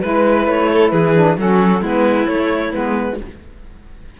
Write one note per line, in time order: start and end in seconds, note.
0.00 0.47 G#3
0.00 1.14 E4
0.00 0.45 B4
0.00 0.70 B4
0.47 0.92 A3
0.47 0.89 C#5
0.71 0.92 A4
0.89 1.37 E3
0.89 1.37 G#4
0.89 1.35 B4
1.14 1.37 D4
1.37 1.81 F#3
1.37 1.81 C#4
1.37 1.81 F#4
1.37 1.84 A4
1.81 2.27 G#3
1.81 2.27 B3
1.81 3.18 E4
1.81 2.27 B4
2.27 2.73 A3
2.27 2.72 C#5
2.72 3.20 G#3
2.72 3.19 B3
2.72 3.18 B4